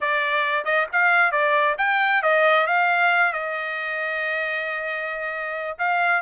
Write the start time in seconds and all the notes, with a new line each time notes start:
0.00 D5
0.64 D#5
0.92 F5
1.31 D5
1.78 G5
2.22 D#5
2.66 F5
3.33 D#5
5.78 F5